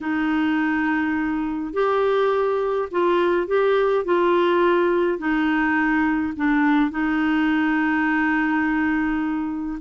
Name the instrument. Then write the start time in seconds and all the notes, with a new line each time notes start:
clarinet
0.00 D#4
1.73 G4
2.91 F4
3.47 G4
4.04 F4
5.18 D#4
6.36 D4
6.90 D#4